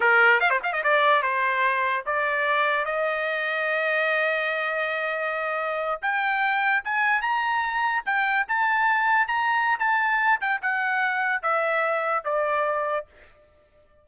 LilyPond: \new Staff \with { instrumentName = "trumpet" } { \time 4/4 \tempo 4 = 147 ais'4 f''16 c''16 f''16 dis''16 d''4 c''4~ | c''4 d''2 dis''4~ | dis''1~ | dis''2~ dis''8. g''4~ g''16~ |
g''8. gis''4 ais''2 g''16~ | g''8. a''2 ais''4~ ais''16 | a''4. g''8 fis''2 | e''2 d''2 | }